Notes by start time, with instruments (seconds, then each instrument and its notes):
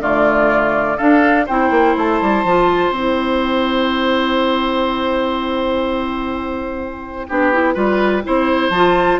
0.00 bassoon D3, clarinet A3, oboe F4, flute D5
0.97 clarinet D4, bassoon D4, oboe A4, flute F5
1.46 bassoon C4, clarinet E4, oboe C5, flute G5
1.70 bassoon A#3
1.97 bassoon A3, flute A5
2.21 bassoon G3
2.44 bassoon F3, clarinet F4
2.91 bassoon C4, clarinet E4, flute G5
7.28 bassoon B3, clarinet D4, oboe G4
7.53 clarinet E4
7.74 bassoon G3, clarinet F4, oboe B4
8.23 bassoon C4, clarinet E4, oboe C5
8.70 bassoon F3, clarinet F4, flute A5